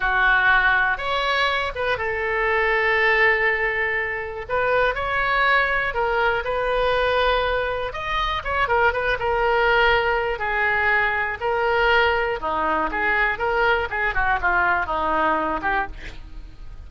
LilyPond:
\new Staff \with { instrumentName = "oboe" } { \time 4/4 \tempo 4 = 121 fis'2 cis''4. b'8 | a'1~ | a'4 b'4 cis''2 | ais'4 b'2. |
dis''4 cis''8 ais'8 b'8 ais'4.~ | ais'4 gis'2 ais'4~ | ais'4 dis'4 gis'4 ais'4 | gis'8 fis'8 f'4 dis'4. g'8 | }